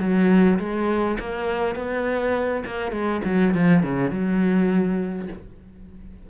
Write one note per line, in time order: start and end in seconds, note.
0.00 0.59 F#3
0.59 1.18 G#3
1.20 1.76 A#3
1.76 2.64 B3
2.66 2.92 A#3
2.92 3.21 G#3
3.25 3.54 F#3
3.54 3.83 F3
3.83 4.11 C#3
4.11 5.28 F#3